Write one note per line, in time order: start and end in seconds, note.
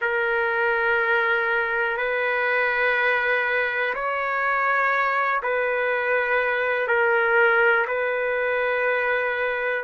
0.01 1.97 A#4
1.97 3.93 B4
3.94 5.41 C#5
5.42 6.87 B4
6.87 7.86 A#4
7.87 9.84 B4